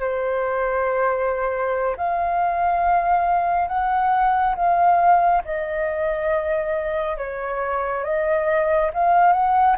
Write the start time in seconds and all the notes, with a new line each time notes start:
0.00 C5
1.97 F5
3.68 F#5
4.56 F5
5.45 D#5
7.17 C#5
8.04 D#5
8.94 F5
9.33 F#5